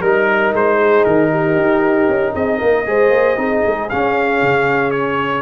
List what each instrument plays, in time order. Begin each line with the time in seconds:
0.00 tuba G3, trombone D#4, horn A#4, trumpet A#4
0.54 tuba G#3, trumpet C5
0.78 horn G#4
1.05 tuba D#3, trumpet A#4
1.31 horn G4
1.56 tuba D#4
2.08 tuba C#4
2.34 tuba C4, horn G#4, trumpet D#5
2.58 tuba A#3, horn A#4
2.86 tuba G#3, trombone G#4, horn C5
3.11 tuba A#3
3.37 tuba C4, trombone D#4, horn G#4
3.67 tuba G#3
3.90 trombone C#4, tuba C#4, trumpet F5
4.42 tuba C#3
4.91 trumpet C#5